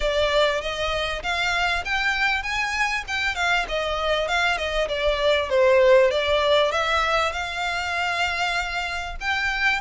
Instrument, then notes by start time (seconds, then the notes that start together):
violin
0.00 D5
0.61 D#5
1.22 F5
1.84 G5
2.42 G#5
3.07 G5
3.35 F5
3.68 D#5
4.27 F5
4.57 D#5
4.88 D5
5.49 C5
6.11 D5
6.71 E5
7.32 F5
9.20 G5